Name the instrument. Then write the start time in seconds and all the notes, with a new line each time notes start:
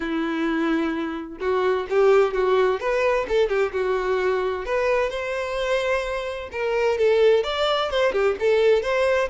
violin
0.00 E4
1.40 F#4
1.89 G4
2.33 F#4
2.79 B4
3.28 A4
3.48 G4
3.72 F#4
4.65 B4
5.10 C5
6.51 A#4
6.98 A4
7.43 D5
7.90 C5
8.12 G4
8.39 A4
8.82 C5